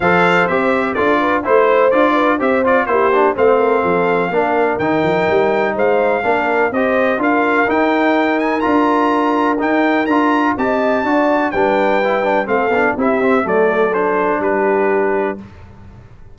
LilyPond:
<<
  \new Staff \with { instrumentName = "trumpet" } { \time 4/4 \tempo 4 = 125 f''4 e''4 d''4 c''4 | d''4 e''8 d''8 c''4 f''4~ | f''2 g''2 | f''2 dis''4 f''4 |
g''4. gis''8 ais''2 | g''4 ais''4 a''2 | g''2 f''4 e''4 | d''4 c''4 b'2 | }
  \new Staff \with { instrumentName = "horn" } { \time 4/4 c''2 a'8 b'8 c''4~ | c''8 b'8 c''4 g'4 c''8 ais'8 | a'4 ais'2. | c''4 ais'4 c''4 ais'4~ |
ais'1~ | ais'2 dis''4 d''4 | b'2 a'4 g'4 | a'2 g'2 | }
  \new Staff \with { instrumentName = "trombone" } { \time 4/4 a'4 g'4 f'4 e'4 | f'4 g'8 f'8 e'8 d'8 c'4~ | c'4 d'4 dis'2~ | dis'4 d'4 g'4 f'4 |
dis'2 f'2 | dis'4 f'4 g'4 fis'4 | d'4 e'8 d'8 c'8 d'8 e'8 c'8 | a4 d'2. | }
  \new Staff \with { instrumentName = "tuba" } { \time 4/4 f4 c'4 d'4 a4 | d'4 c'4 ais4 a4 | f4 ais4 dis8 f8 g4 | gis4 ais4 c'4 d'4 |
dis'2 d'2 | dis'4 d'4 c'4 d'4 | g2 a8 b8 c'4 | fis2 g2 | }
>>